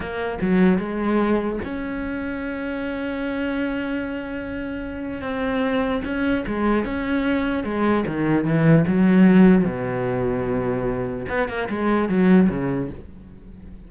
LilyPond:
\new Staff \with { instrumentName = "cello" } { \time 4/4 \tempo 4 = 149 ais4 fis4 gis2 | cis'1~ | cis'1~ | cis'4 c'2 cis'4 |
gis4 cis'2 gis4 | dis4 e4 fis2 | b,1 | b8 ais8 gis4 fis4 cis4 | }